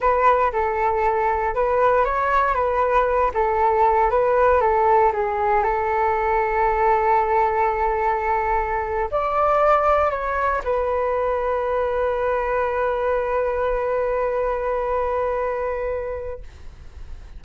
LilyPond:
\new Staff \with { instrumentName = "flute" } { \time 4/4 \tempo 4 = 117 b'4 a'2 b'4 | cis''4 b'4. a'4. | b'4 a'4 gis'4 a'4~ | a'1~ |
a'4.~ a'16 d''2 cis''16~ | cis''8. b'2.~ b'16~ | b'1~ | b'1 | }